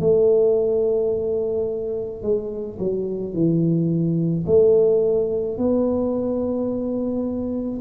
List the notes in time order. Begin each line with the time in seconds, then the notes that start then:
0.00 A3
2.22 G#3
2.79 F#3
3.34 E3
4.46 A3
5.58 B3